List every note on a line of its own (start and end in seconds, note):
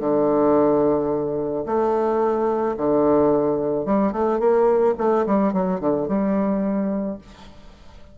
0.00 1.65 D3
1.66 2.76 A3
2.77 3.86 D3
3.86 4.12 G3
4.12 4.40 A3
4.40 4.95 A#3
4.98 5.26 A3
5.26 5.53 G3
5.53 5.80 F#3
5.80 6.08 D3
6.08 7.18 G3